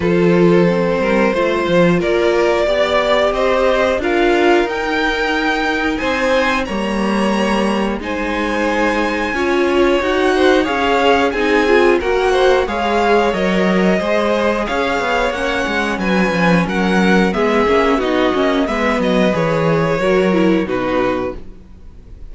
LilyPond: <<
  \new Staff \with { instrumentName = "violin" } { \time 4/4 \tempo 4 = 90 c''2. d''4~ | d''4 dis''4 f''4 g''4~ | g''4 gis''4 ais''2 | gis''2. fis''4 |
f''4 gis''4 fis''4 f''4 | dis''2 f''4 fis''4 | gis''4 fis''4 e''4 dis''4 | e''8 dis''8 cis''2 b'4 | }
  \new Staff \with { instrumentName = "violin" } { \time 4/4 a'4. ais'8 c''4 ais'4 | d''4 c''4 ais'2~ | ais'4 c''4 cis''2 | c''2 cis''4. c''8 |
cis''4 gis'4 ais'8 c''8 cis''4~ | cis''4 c''4 cis''2 | b'4 ais'4 gis'4 fis'4 | b'2 ais'4 fis'4 | }
  \new Staff \with { instrumentName = "viola" } { \time 4/4 f'4 c'4 f'2 | g'2 f'4 dis'4~ | dis'2 ais2 | dis'2 f'4 fis'4 |
gis'4 dis'8 f'8 fis'4 gis'4 | ais'4 gis'2 cis'4~ | cis'2 b8 cis'8 dis'8 cis'8 | b4 gis'4 fis'8 e'8 dis'4 | }
  \new Staff \with { instrumentName = "cello" } { \time 4/4 f4. g8 a8 f8 ais4 | b4 c'4 d'4 dis'4~ | dis'4 c'4 g2 | gis2 cis'4 dis'4 |
cis'4 c'4 ais4 gis4 | fis4 gis4 cis'8 b8 ais8 gis8 | fis8 f8 fis4 gis8 ais8 b8 ais8 | gis8 fis8 e4 fis4 b,4 | }
>>